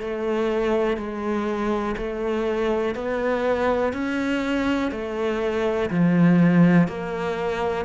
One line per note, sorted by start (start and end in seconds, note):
0.00 0.97 A3
0.97 1.95 G#3
1.97 2.95 A3
2.95 3.93 B3
3.93 4.91 C#4
4.91 5.90 A3
5.90 6.88 F3
6.88 7.85 A#3